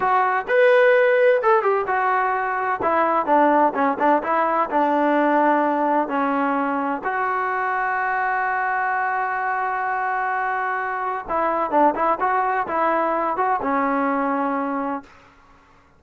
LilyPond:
\new Staff \with { instrumentName = "trombone" } { \time 4/4 \tempo 4 = 128 fis'4 b'2 a'8 g'8 | fis'2 e'4 d'4 | cis'8 d'8 e'4 d'2~ | d'4 cis'2 fis'4~ |
fis'1~ | fis'1 | e'4 d'8 e'8 fis'4 e'4~ | e'8 fis'8 cis'2. | }